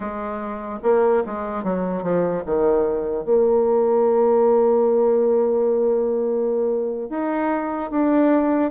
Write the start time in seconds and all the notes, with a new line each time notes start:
0.00 G#3
0.83 A#3
1.26 G#3
1.63 F#3
2.02 F3
2.45 D#3
3.24 A#3
7.09 D#4
7.91 D4